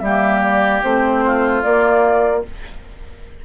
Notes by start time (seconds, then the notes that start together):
0.00 G3 A#3 G4 E5
0.42 D5
0.84 A3 C4 C5
1.26 F4
1.63 A#3 D5